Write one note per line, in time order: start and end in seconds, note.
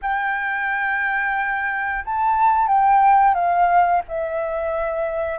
0.02 2.04 G5
2.04 2.67 A5
2.67 3.34 G5
3.34 4.01 F5
4.08 5.38 E5